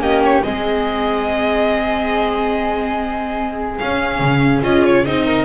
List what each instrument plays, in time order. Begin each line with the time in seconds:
0.00 double bass A#3, viola C#4, flute G4, violin D#5
0.24 violin C#5
0.43 double bass G#3, viola C4, flute G#4, violin D#5
3.78 viola C#4, double bass C#4, violin F5
4.20 double bass C#3
4.63 double bass C#4, viola F4, violin D#5
4.85 violin C#5
5.06 double bass C4, viola D#4, violin D#5
5.25 flute A#4